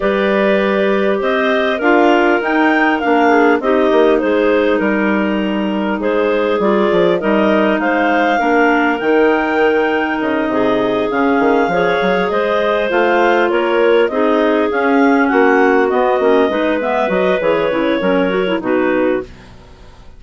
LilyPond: <<
  \new Staff \with { instrumentName = "clarinet" } { \time 4/4 \tempo 4 = 100 d''2 dis''4 f''4 | g''4 f''4 dis''4 c''4 | ais'2 c''4 d''4 | dis''4 f''2 g''4~ |
g''4 dis''4. f''4.~ | f''8 dis''4 f''4 cis''4 dis''8~ | dis''8 f''4 fis''4 dis''4. | e''8 dis''8 cis''2 b'4 | }
  \new Staff \with { instrumentName = "clarinet" } { \time 4/4 b'2 c''4 ais'4~ | ais'4. gis'8 g'4 gis'4 | ais'2 gis'2 | ais'4 c''4 ais'2~ |
ais'4. gis'2 cis''8~ | cis''8 c''2 ais'4 gis'8~ | gis'4. fis'2 b'8~ | b'2 ais'4 fis'4 | }
  \new Staff \with { instrumentName = "clarinet" } { \time 4/4 g'2. f'4 | dis'4 d'4 dis'2~ | dis'2. f'4 | dis'2 d'4 dis'4~ |
dis'2~ dis'8 cis'4 gis'8~ | gis'4. f'2 dis'8~ | dis'8 cis'2 b8 cis'8 dis'8 | b8 fis'8 gis'8 e'8 cis'8 fis'16 e'16 dis'4 | }
  \new Staff \with { instrumentName = "bassoon" } { \time 4/4 g2 c'4 d'4 | dis'4 ais4 c'8 ais8 gis4 | g2 gis4 g8 f8 | g4 gis4 ais4 dis4~ |
dis4 cis8 c4 cis8 dis8 f8 | fis8 gis4 a4 ais4 c'8~ | c'8 cis'4 ais4 b8 ais8 gis8~ | gis8 fis8 e8 cis8 fis4 b,4 | }
>>